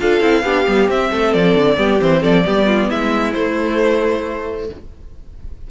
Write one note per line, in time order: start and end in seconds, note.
0.00 0.21 D4
0.00 0.21 F4
0.00 0.44 A4
0.00 0.90 F5
0.21 0.43 C4
0.21 0.43 E4
0.43 0.66 B3
0.43 0.66 D4
0.43 1.11 G4
0.66 0.89 G3
0.66 0.89 B3
0.89 1.11 C4
0.89 1.76 C4
0.89 1.33 E5
1.11 1.35 A3
1.11 1.78 A4
1.33 1.55 F3
1.33 2.01 D5
1.55 1.77 D3
1.76 2.00 G3
1.76 1.99 B3
1.76 2.22 G4
2.00 2.24 E3
2.00 2.44 C4
2.00 2.24 C5
2.22 2.46 F3
2.22 2.44 A4
2.22 2.90 D5
2.44 2.90 G3
2.44 3.34 B3
2.44 2.67 G4
2.67 2.89 F4
2.89 3.35 G#3
2.89 4.68 E4
2.89 3.33 E5
3.33 4.70 A3
3.33 4.71 A3
3.33 4.67 C5